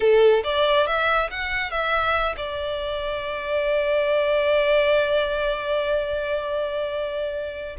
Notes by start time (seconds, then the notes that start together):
0.00 A4
0.43 D5
0.86 E5
1.30 F#5
1.70 E5
2.36 D5